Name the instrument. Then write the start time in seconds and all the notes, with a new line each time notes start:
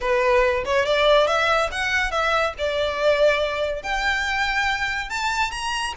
violin
0.00 B4
0.64 C#5
0.85 D5
1.27 E5
1.71 F#5
2.11 E5
2.58 D5
3.82 G5
5.09 A5
5.51 A#5